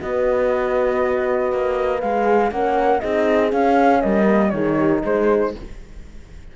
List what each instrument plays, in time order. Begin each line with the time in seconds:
0.00 cello B3, horn F#4 B4, flute D#5
1.52 cello A#3
2.00 cello G#3, horn G#4, flute F5
2.51 cello A#3, horn C#4 A#4, flute F#5
2.99 cello C4, horn D#4 G#4, flute D#5
3.50 horn C#4, cello C#4, flute F5
4.01 cello G3, horn A#4, flute D#5
4.26 horn A#3
4.50 cello D#3, horn D#4 G#4, flute C#5
4.77 horn G4
5.04 cello G#3, horn G#4, flute C5